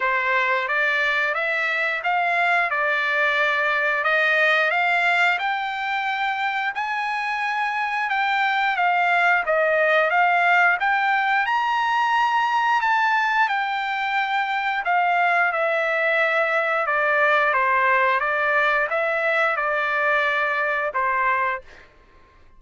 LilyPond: \new Staff \with { instrumentName = "trumpet" } { \time 4/4 \tempo 4 = 89 c''4 d''4 e''4 f''4 | d''2 dis''4 f''4 | g''2 gis''2 | g''4 f''4 dis''4 f''4 |
g''4 ais''2 a''4 | g''2 f''4 e''4~ | e''4 d''4 c''4 d''4 | e''4 d''2 c''4 | }